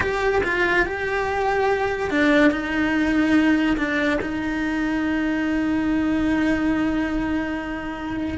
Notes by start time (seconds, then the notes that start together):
0.00 G4
0.43 F4
0.85 G4
2.10 D4
2.51 D#4
3.77 D4
4.21 D#4